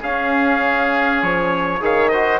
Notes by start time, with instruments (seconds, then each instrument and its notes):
0.00 trombone C#4, bassoon C#4, oboe G#4, trumpet F5
1.23 bassoon F3, trumpet C#5
1.81 bassoon D#3, trombone G#4, oboe C#5, trumpet F5
2.08 trombone F#4, oboe C5, trumpet D#5